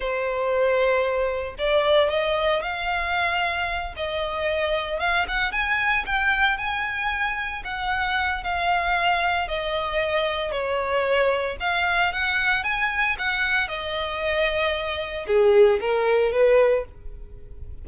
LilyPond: \new Staff \with { instrumentName = "violin" } { \time 4/4 \tempo 4 = 114 c''2. d''4 | dis''4 f''2~ f''8 dis''8~ | dis''4. f''8 fis''8 gis''4 g''8~ | g''8 gis''2 fis''4. |
f''2 dis''2 | cis''2 f''4 fis''4 | gis''4 fis''4 dis''2~ | dis''4 gis'4 ais'4 b'4 | }